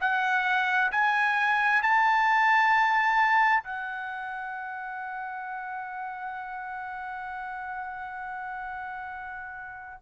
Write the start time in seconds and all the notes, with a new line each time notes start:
0.00 F#5
0.91 G#5
1.82 A5
3.63 F#5